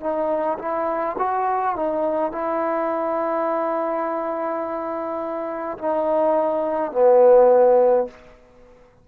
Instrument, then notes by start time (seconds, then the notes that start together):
trombone
0.00 D#4
0.59 E4
1.18 F#4
1.76 D#4
2.32 E4
5.78 D#4
6.92 B3